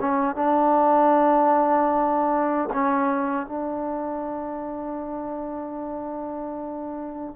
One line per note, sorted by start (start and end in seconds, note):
0.00 0.35 C#4
0.35 2.69 D4
2.73 3.46 C#4
3.46 7.36 D4